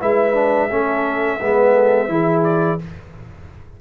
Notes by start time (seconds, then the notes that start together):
0.00 G#3 E4 B4 E5
0.34 D4
0.70 A3 C#4 A4
1.41 G#3 B3 B4
1.73 A4
2.08 E3 E4 G#4
2.44 D5